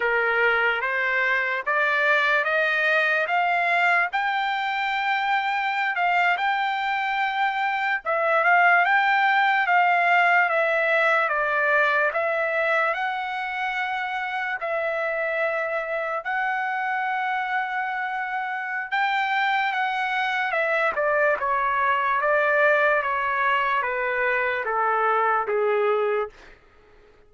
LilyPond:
\new Staff \with { instrumentName = "trumpet" } { \time 4/4 \tempo 4 = 73 ais'4 c''4 d''4 dis''4 | f''4 g''2~ g''16 f''8 g''16~ | g''4.~ g''16 e''8 f''8 g''4 f''16~ | f''8. e''4 d''4 e''4 fis''16~ |
fis''4.~ fis''16 e''2 fis''16~ | fis''2. g''4 | fis''4 e''8 d''8 cis''4 d''4 | cis''4 b'4 a'4 gis'4 | }